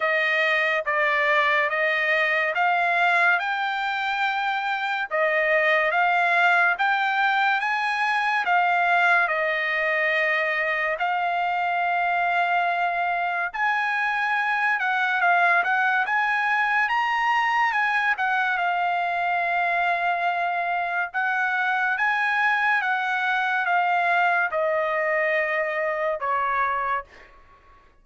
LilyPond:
\new Staff \with { instrumentName = "trumpet" } { \time 4/4 \tempo 4 = 71 dis''4 d''4 dis''4 f''4 | g''2 dis''4 f''4 | g''4 gis''4 f''4 dis''4~ | dis''4 f''2. |
gis''4. fis''8 f''8 fis''8 gis''4 | ais''4 gis''8 fis''8 f''2~ | f''4 fis''4 gis''4 fis''4 | f''4 dis''2 cis''4 | }